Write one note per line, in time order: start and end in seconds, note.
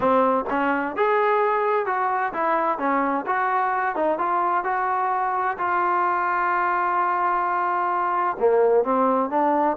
0.00 0.45 C4
0.49 0.96 C#4
0.96 1.86 G#4
1.86 2.32 F#4
2.33 2.78 E4
2.78 3.25 C#4
3.26 3.95 F#4
3.95 4.18 D#4
4.18 4.64 F4
4.64 5.57 F#4
5.58 8.37 F4
8.39 8.84 A#3
8.84 9.30 C4
9.30 9.76 D4